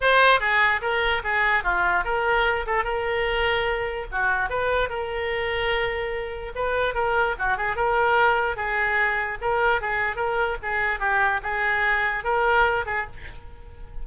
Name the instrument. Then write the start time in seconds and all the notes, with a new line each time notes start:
oboe
0.01 C5
0.40 G#4
0.81 A#4
1.23 G#4
1.63 F4
2.04 A#4
2.66 A4
2.84 A#4
4.11 F#4
4.49 B4
4.89 A#4
6.55 B4
6.94 A#4
7.38 F#4
7.57 G#4
7.76 A#4
8.56 G#4
9.41 A#4
9.81 G#4
10.16 A#4
10.62 G#4
10.99 G4
11.42 G#4
12.24 A#4
12.86 G#4